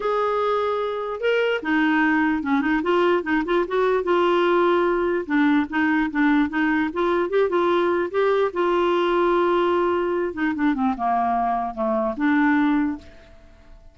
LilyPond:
\new Staff \with { instrumentName = "clarinet" } { \time 4/4 \tempo 4 = 148 gis'2. ais'4 | dis'2 cis'8 dis'8 f'4 | dis'8 f'8 fis'4 f'2~ | f'4 d'4 dis'4 d'4 |
dis'4 f'4 g'8 f'4. | g'4 f'2.~ | f'4. dis'8 d'8 c'8 ais4~ | ais4 a4 d'2 | }